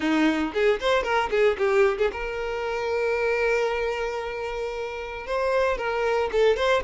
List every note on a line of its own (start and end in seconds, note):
0.00 0.53 D#4
0.53 0.79 G#4
0.80 1.03 C5
1.03 1.29 A#4
1.30 1.56 G#4
1.58 1.97 G4
1.98 2.11 G#4
2.12 5.27 A#4
5.27 5.77 C5
5.77 6.30 A#4
6.32 6.56 A4
6.56 6.82 C5